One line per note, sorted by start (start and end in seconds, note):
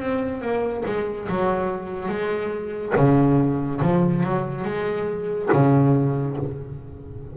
0.00 0.42 C4
0.42 0.84 A#3
0.86 1.28 G#3
1.29 2.09 F#3
2.09 2.93 G#3
2.96 3.81 C#3
3.81 4.24 F3
4.24 4.65 F#3
4.65 5.49 G#3
5.53 6.37 C#3